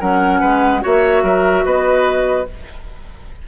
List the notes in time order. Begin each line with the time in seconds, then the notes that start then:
0.00 F#3 C#4 A#4 F#5
0.40 G#3 B4
0.81 A#3 F#4 C#5 E5
1.23 F#3 A#4
1.65 B3 B4 D#5